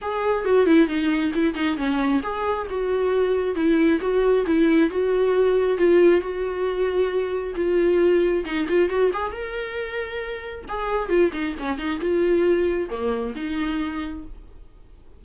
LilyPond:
\new Staff \with { instrumentName = "viola" } { \time 4/4 \tempo 4 = 135 gis'4 fis'8 e'8 dis'4 e'8 dis'8 | cis'4 gis'4 fis'2 | e'4 fis'4 e'4 fis'4~ | fis'4 f'4 fis'2~ |
fis'4 f'2 dis'8 f'8 | fis'8 gis'8 ais'2. | gis'4 f'8 dis'8 cis'8 dis'8 f'4~ | f'4 ais4 dis'2 | }